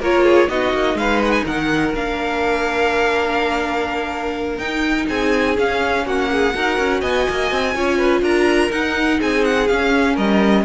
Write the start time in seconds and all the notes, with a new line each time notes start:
0.00 A#3 F4 A#4 C#5
0.24 G#4
0.48 B3 D#4 F#4 D#5
0.73 A#3
0.94 G#3 B4 F5
1.25 F#5
1.32 G#5
1.45 D#3 A#4 F#5
1.94 A#3 D4 F5
4.58 D#4 G5
5.08 C4 G#4 G#5
5.57 C#4 F5
6.06 A#3 F#4 F#5
6.32 G#4
6.55 D#4 F#4 A#4
6.78 C#4
7.01 B3 D#5 G#5
7.30 A#3
7.51 C4
7.75 C#4 F4 C#5
7.98 B4
8.22 D4 A#4 A#5
8.71 D#4 F#5
9.18 C4 G#4 G#5
9.44 F#5
9.68 C#4 F5
10.14 G3 A#4 D#5